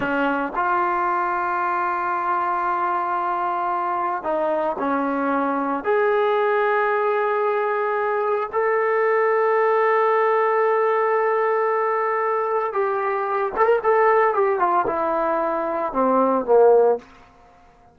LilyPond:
\new Staff \with { instrumentName = "trombone" } { \time 4/4 \tempo 4 = 113 cis'4 f'2.~ | f'1 | dis'4 cis'2 gis'4~ | gis'1 |
a'1~ | a'1 | g'4. a'16 ais'16 a'4 g'8 f'8 | e'2 c'4 ais4 | }